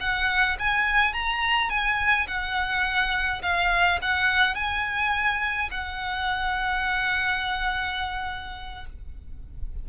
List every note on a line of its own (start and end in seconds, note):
0.00 0.57 F#5
0.59 1.13 G#5
1.13 1.70 A#5
1.70 2.27 G#5
2.27 3.42 F#5
3.42 3.99 F5
4.02 4.55 F#5
4.55 5.69 G#5
5.71 8.85 F#5